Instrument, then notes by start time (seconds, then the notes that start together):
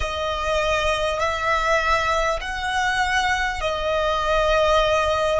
violin
0.00 D#5
1.19 E5
2.40 F#5
3.61 D#5